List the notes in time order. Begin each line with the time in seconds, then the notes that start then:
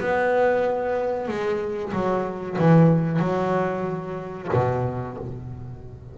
0.00 B3
1.28 G#3
1.93 F#3
2.59 E3
3.19 F#3
4.53 B2